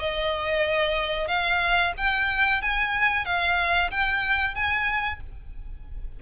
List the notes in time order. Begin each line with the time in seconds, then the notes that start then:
0.00 D#5
1.28 F5
1.97 G5
2.62 G#5
3.25 F5
3.91 G5
4.55 G#5